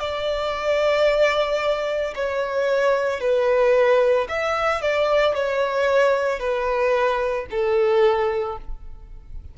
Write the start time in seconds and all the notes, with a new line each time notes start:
0.00 D5
2.15 C#5
3.20 B4
4.29 E5
4.82 D5
5.35 C#5
6.39 B4
7.51 A4